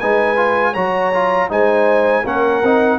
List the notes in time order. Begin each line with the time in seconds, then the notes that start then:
0.00 G#3 D#4 B4 G#5
0.37 F4
0.73 F#3 F#4 C#5 A#5
1.14 F4
1.49 G#3 D#4 C5 G#5
2.24 A#3 C#4 A#4 F#5
2.63 C4 D#4